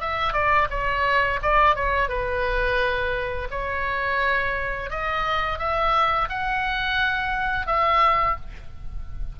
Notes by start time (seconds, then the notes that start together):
0.00 E5
0.33 D5
0.70 C#5
1.42 D5
1.75 C#5
2.08 B4
3.50 C#5
4.90 D#5
5.58 E5
6.29 F#5
7.66 E5